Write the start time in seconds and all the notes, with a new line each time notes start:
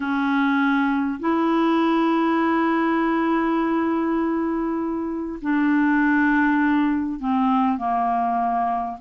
0.00 C#4
1.19 E4
5.41 D4
7.19 C4
7.77 A#3